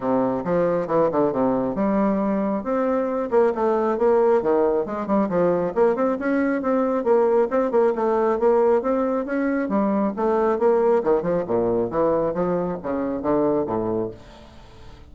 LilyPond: \new Staff \with { instrumentName = "bassoon" } { \time 4/4 \tempo 4 = 136 c4 f4 e8 d8 c4 | g2 c'4. ais8 | a4 ais4 dis4 gis8 g8 | f4 ais8 c'8 cis'4 c'4 |
ais4 c'8 ais8 a4 ais4 | c'4 cis'4 g4 a4 | ais4 dis8 f8 ais,4 e4 | f4 cis4 d4 a,4 | }